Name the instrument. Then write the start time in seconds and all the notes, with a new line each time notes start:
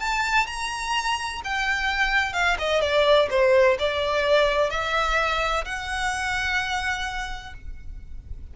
violin
0.00 A5
0.47 A#5
1.44 G5
2.33 F5
2.59 D#5
2.81 D5
3.30 C5
3.79 D5
4.70 E5
5.65 F#5